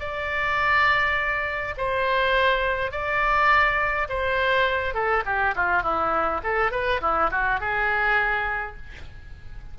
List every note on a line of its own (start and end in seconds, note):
0.00 1.75 D5
1.77 2.91 C5
2.91 4.08 D5
4.09 4.94 C5
4.94 5.23 A4
5.25 5.54 G4
5.56 5.83 F4
5.83 6.41 E4
6.43 6.71 A4
6.71 7.00 B4
7.01 7.30 E4
7.31 7.60 F#4
7.60 8.76 G#4